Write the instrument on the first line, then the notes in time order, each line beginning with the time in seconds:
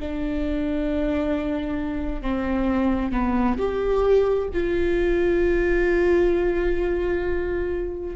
viola
0.00 D4
2.22 C4
3.12 B3
3.58 G4
4.54 F4